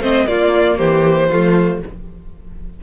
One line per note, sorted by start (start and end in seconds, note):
0.00 0.26 A3
0.00 0.28 C4
0.00 0.28 C5
0.00 0.27 D#5
0.27 1.30 A#3
0.27 0.80 A#3
0.27 0.78 F4
0.27 0.78 D5
0.78 1.31 E3
0.78 1.29 G4
0.78 1.81 C5
1.30 1.83 F3
1.30 1.83 A3
1.30 1.81 F4